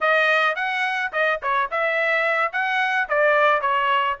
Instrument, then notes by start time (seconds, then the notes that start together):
trumpet
0.01 D#5
0.55 F#5
1.12 D#5
1.42 C#5
1.70 E5
2.52 F#5
3.08 D5
3.61 C#5